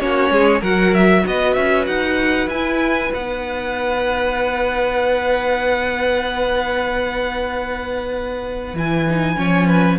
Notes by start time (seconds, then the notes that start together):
0.00 A#3 C#4 F#4 C#5
0.31 G#3 G#4
0.61 F#3 F#4 A#4 F#5
0.94 E5
1.27 B3 B4 D#5
1.54 C#4 E5
1.87 D#4 F#5
2.48 E4 G#5
3.14 B3 D#4 F#5
8.75 E3 E4 G#5
9.10 D#4
9.36 F3 C#4 C#5
9.68 B4